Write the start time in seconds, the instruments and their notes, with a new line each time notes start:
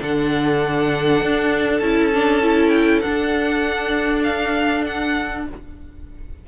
0.00 cello D3, viola D4, violin A4 F#5
1.22 cello D4
1.80 cello C#4, viola E4, violin A5
2.13 viola D4
2.42 viola E4
2.69 violin G5
3.02 viola D4, cello D4, violin F#5
4.23 violin F5
4.86 violin F#5